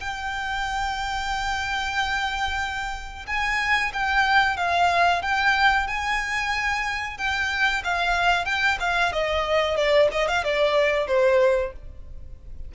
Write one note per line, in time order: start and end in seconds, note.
0.00 3.26 G5
3.27 3.92 G#5
3.93 4.57 G5
4.57 5.22 F5
5.22 5.87 G5
5.87 7.17 G#5
7.17 7.83 G5
7.84 8.45 F5
8.45 8.78 G5
8.80 9.12 F5
9.12 9.76 D#5
9.76 10.09 D5
10.11 10.28 D#5
10.28 10.44 F5
10.44 11.07 D5
11.07 11.72 C5